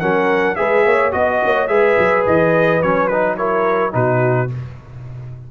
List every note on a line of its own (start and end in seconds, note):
0.00 0.59 F#3
0.00 0.57 C#4
0.00 0.57 A#4
0.00 0.56 F#5
0.56 0.86 G#3
0.56 1.12 G#4
0.56 0.86 B4
0.56 1.12 E5
0.86 1.14 A#3
0.86 1.14 C#5
1.12 1.43 B3
1.12 1.68 F#4
1.12 1.68 D#5
1.12 1.42 D#5
1.44 1.68 A#3
1.44 1.70 C#5
1.68 1.96 G#3
1.68 2.81 G#4
1.68 3.38 B4
1.68 2.24 E5
1.99 2.27 F#3
2.27 2.83 E3
2.27 2.82 D#5
2.82 3.95 F#3
2.82 3.11 C#4
2.82 3.08 C#5
3.08 3.38 D#4
3.08 3.36 B4
3.37 3.92 E4
3.37 3.95 A#4
3.37 3.93 C#5
3.92 4.51 B2
3.92 4.48 D#4
3.92 4.51 F#4
3.92 4.51 B4